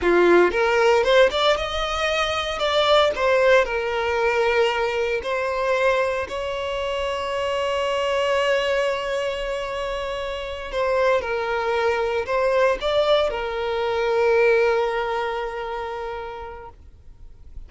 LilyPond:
\new Staff \with { instrumentName = "violin" } { \time 4/4 \tempo 4 = 115 f'4 ais'4 c''8 d''8 dis''4~ | dis''4 d''4 c''4 ais'4~ | ais'2 c''2 | cis''1~ |
cis''1~ | cis''8 c''4 ais'2 c''8~ | c''8 d''4 ais'2~ ais'8~ | ais'1 | }